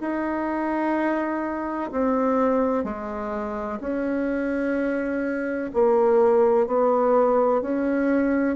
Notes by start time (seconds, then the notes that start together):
0.00 D#4
1.91 C4
2.84 G#3
3.80 C#4
5.74 A#3
6.67 B3
7.61 C#4